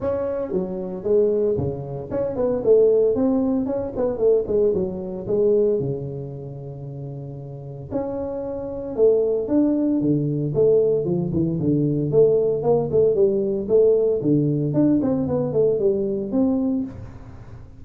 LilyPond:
\new Staff \with { instrumentName = "tuba" } { \time 4/4 \tempo 4 = 114 cis'4 fis4 gis4 cis4 | cis'8 b8 a4 c'4 cis'8 b8 | a8 gis8 fis4 gis4 cis4~ | cis2. cis'4~ |
cis'4 a4 d'4 d4 | a4 f8 e8 d4 a4 | ais8 a8 g4 a4 d4 | d'8 c'8 b8 a8 g4 c'4 | }